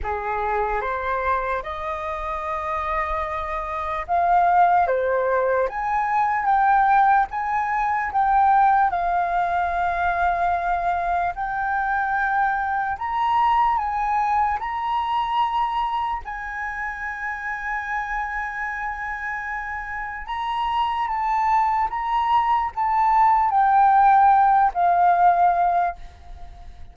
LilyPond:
\new Staff \with { instrumentName = "flute" } { \time 4/4 \tempo 4 = 74 gis'4 c''4 dis''2~ | dis''4 f''4 c''4 gis''4 | g''4 gis''4 g''4 f''4~ | f''2 g''2 |
ais''4 gis''4 ais''2 | gis''1~ | gis''4 ais''4 a''4 ais''4 | a''4 g''4. f''4. | }